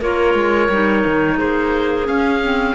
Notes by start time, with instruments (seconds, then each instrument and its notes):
0.00 cello A#3, clarinet F4 A#4, oboe C#5
0.33 cello G#3
0.69 cello G3, clarinet D#4
1.05 cello D#3
1.37 cello A#3, clarinet G#4, oboe C5
2.03 clarinet C#4, cello C#4, oboe F5
2.42 clarinet C4